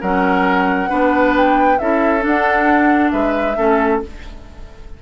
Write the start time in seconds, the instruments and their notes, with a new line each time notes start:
0.00 bassoon F#3, clarinet C#4, oboe A#4, flute F#5
0.88 bassoon B3, clarinet D4, oboe B4
1.36 flute G5
1.78 bassoon C#4, clarinet E4, oboe A4, flute E5
2.19 clarinet D4, bassoon D4
2.26 flute F#5
3.10 bassoon G#3, oboe B4, flute E5
3.57 bassoon A3, clarinet C#4, oboe A4